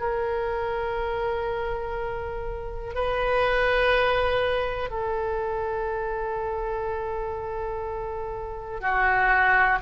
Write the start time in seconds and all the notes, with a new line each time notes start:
0.00 A#4
2.95 B4
4.90 A4
8.80 F#4